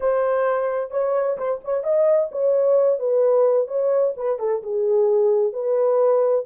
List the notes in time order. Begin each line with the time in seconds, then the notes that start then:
0.00 C5
0.91 C#5
1.37 C5
1.64 C#5
1.83 D#5
2.31 C#5
2.99 B4
3.67 C#5
4.16 B4
4.39 A4
4.62 G#4
5.52 B4